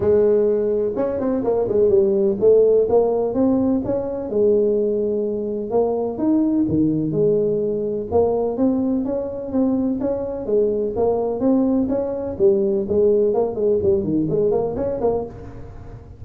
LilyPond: \new Staff \with { instrumentName = "tuba" } { \time 4/4 \tempo 4 = 126 gis2 cis'8 c'8 ais8 gis8 | g4 a4 ais4 c'4 | cis'4 gis2. | ais4 dis'4 dis4 gis4~ |
gis4 ais4 c'4 cis'4 | c'4 cis'4 gis4 ais4 | c'4 cis'4 g4 gis4 | ais8 gis8 g8 dis8 gis8 ais8 cis'8 ais8 | }